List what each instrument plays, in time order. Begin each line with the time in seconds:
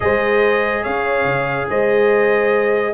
0.00 tuba G#3, trombone G#4, horn C5, trumpet D#5
0.83 tuba C#4, horn C#5, trumpet F5
1.25 tuba C#3
1.69 tuba G#3, horn C5, trumpet D#5